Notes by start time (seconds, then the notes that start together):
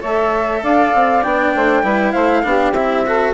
0.00 A3 A4 C#5 E5
0.63 D4 D5 F5
0.95 C4
1.23 B3 D4 G5
1.55 A3 C5
1.83 G3 E4 B4
2.12 A3 C5 F5
2.43 B3 D4 G4
2.72 C4 E4 E5
3.06 F#4 A4